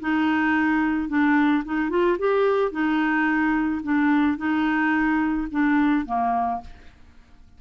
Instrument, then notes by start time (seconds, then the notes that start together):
clarinet
0.00 D#4
1.08 D4
1.64 D#4
1.89 F4
2.18 G4
2.71 D#4
3.83 D4
4.37 D#4
5.50 D4
6.06 A#3